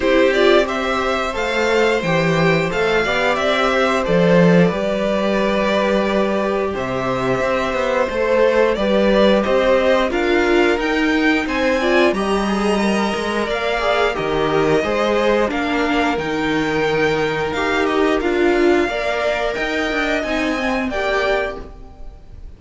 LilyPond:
<<
  \new Staff \with { instrumentName = "violin" } { \time 4/4 \tempo 4 = 89 c''8 d''8 e''4 f''4 g''4 | f''4 e''4 d''2~ | d''2 e''2 | c''4 d''4 dis''4 f''4 |
g''4 gis''4 ais''2 | f''4 dis''2 f''4 | g''2 f''8 dis''8 f''4~ | f''4 g''4 gis''4 g''4 | }
  \new Staff \with { instrumentName = "violin" } { \time 4/4 g'4 c''2.~ | c''8 d''4 c''4. b'4~ | b'2 c''2~ | c''4 b'4 c''4 ais'4~ |
ais'4 c''8 d''8 dis''2 | d''4 ais'4 c''4 ais'4~ | ais'1 | d''4 dis''2 d''4 | }
  \new Staff \with { instrumentName = "viola" } { \time 4/4 e'8 f'8 g'4 a'4 g'4 | a'8 g'4. a'4 g'4~ | g'1 | a'4 g'2 f'4 |
dis'4. f'8 g'8 gis'8 ais'4~ | ais'8 gis'8 g'4 gis'4 d'4 | dis'2 g'4 f'4 | ais'2 dis'8 c'8 g'4 | }
  \new Staff \with { instrumentName = "cello" } { \time 4/4 c'2 a4 e4 | a8 b8 c'4 f4 g4~ | g2 c4 c'8 b8 | a4 g4 c'4 d'4 |
dis'4 c'4 g4. gis8 | ais4 dis4 gis4 ais4 | dis2 dis'4 d'4 | ais4 dis'8 d'8 c'4 ais4 | }
>>